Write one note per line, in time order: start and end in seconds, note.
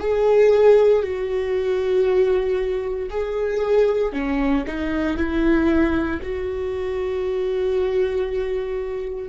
0.00 1.03 G#4
1.03 3.09 F#4
3.10 4.13 G#4
4.13 4.65 C#4
4.67 5.17 D#4
5.17 6.21 E4
6.23 9.29 F#4